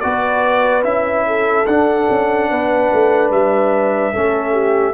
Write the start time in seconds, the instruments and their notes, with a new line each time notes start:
0.00 tuba B3, trombone F#4, horn B4, trumpet D5
0.83 tuba C#4, trombone E4, trumpet E5
1.27 horn A4
1.66 tuba D4, trombone D4, trumpet F#5
2.10 tuba C#4
2.50 tuba B3, horn B4
2.93 tuba A3
3.30 tuba G3, trumpet E5
4.13 tuba A3, trombone C#4, horn A4
4.52 horn G4